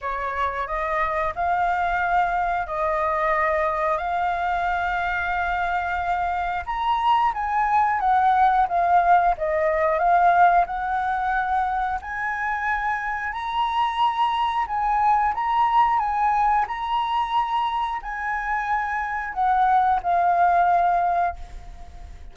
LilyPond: \new Staff \with { instrumentName = "flute" } { \time 4/4 \tempo 4 = 90 cis''4 dis''4 f''2 | dis''2 f''2~ | f''2 ais''4 gis''4 | fis''4 f''4 dis''4 f''4 |
fis''2 gis''2 | ais''2 gis''4 ais''4 | gis''4 ais''2 gis''4~ | gis''4 fis''4 f''2 | }